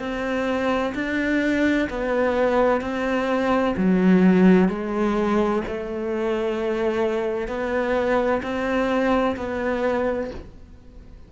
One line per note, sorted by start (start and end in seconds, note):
0.00 0.94 C4
0.95 1.88 D4
1.90 2.81 B3
2.81 3.75 C4
3.78 4.69 F#3
4.69 5.63 G#3
5.68 7.48 A3
7.48 8.42 B3
8.43 9.37 C4
9.37 10.31 B3